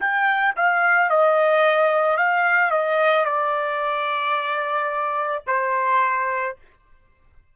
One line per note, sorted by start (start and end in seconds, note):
0.00 0.55 G5
0.56 1.11 F5
1.11 2.18 D#5
2.18 2.71 F5
2.71 3.25 D#5
3.25 5.43 D5
5.47 6.57 C5